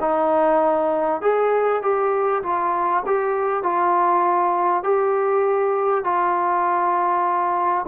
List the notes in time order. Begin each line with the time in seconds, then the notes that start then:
0.00 D#4
1.21 G#4
1.82 G4
2.43 F4
3.06 G4
3.63 F4
4.83 G4
6.04 F4